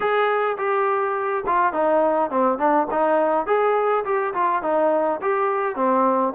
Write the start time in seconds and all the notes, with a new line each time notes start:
0.00 G#4
0.57 G4
1.46 F4
1.72 D#4
2.30 C4
2.58 D4
2.91 D#4
3.46 G#4
4.04 G4
4.34 F4
4.62 D#4
5.21 G4
5.75 C4